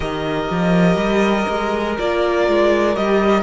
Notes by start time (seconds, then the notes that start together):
0.00 D#3 G4 A#4 D#5
0.50 F3
0.96 G3
1.49 G#3
1.98 A#3 F4 D5
2.47 G#3
2.95 G3 G4 D#5